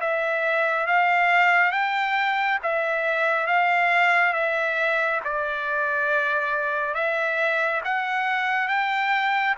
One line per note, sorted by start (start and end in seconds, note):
0.00 0.87 E5
0.87 1.72 F5
1.72 2.58 G5
2.62 3.47 E5
3.47 4.33 F5
4.33 5.20 E5
5.24 6.94 D5
6.94 7.81 E5
7.84 8.68 F#5
8.68 9.55 G5